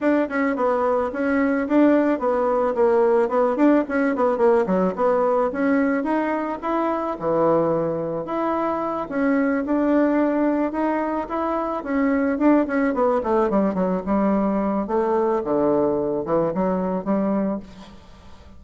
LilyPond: \new Staff \with { instrumentName = "bassoon" } { \time 4/4 \tempo 4 = 109 d'8 cis'8 b4 cis'4 d'4 | b4 ais4 b8 d'8 cis'8 b8 | ais8 fis8 b4 cis'4 dis'4 | e'4 e2 e'4~ |
e'8 cis'4 d'2 dis'8~ | dis'8 e'4 cis'4 d'8 cis'8 b8 | a8 g8 fis8 g4. a4 | d4. e8 fis4 g4 | }